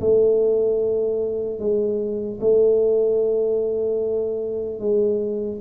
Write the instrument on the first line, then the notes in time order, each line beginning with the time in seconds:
tuba
0.00 A3
1.59 G#3
2.40 A3
4.79 G#3